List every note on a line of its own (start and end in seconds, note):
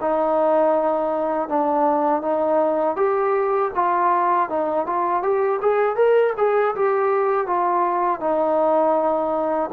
0.00 1.48 D#4
1.48 2.21 D4
2.21 2.96 D#4
2.96 3.71 G4
3.75 4.49 F4
4.49 4.86 D#4
4.86 5.22 F4
5.22 5.59 G4
5.61 5.96 G#4
5.96 6.33 A#4
6.37 6.75 G#4
6.75 7.46 G4
7.46 8.20 F4
8.20 9.70 D#4